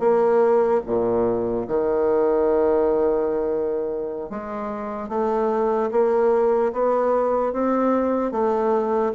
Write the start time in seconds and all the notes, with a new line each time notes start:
0.00 A#3
0.86 A#2
1.68 D#3
4.30 G#3
5.09 A3
5.92 A#3
6.73 B3
7.53 C4
8.32 A3